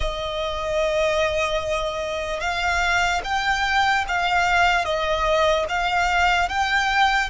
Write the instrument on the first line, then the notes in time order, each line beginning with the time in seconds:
violin
0.00 D#5
2.40 F5
3.24 G5
4.08 F5
4.84 D#5
5.69 F5
6.49 G5